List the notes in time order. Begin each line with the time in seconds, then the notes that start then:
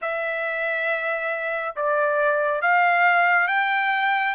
0.01 E5
1.76 D5
2.61 F5
3.47 G5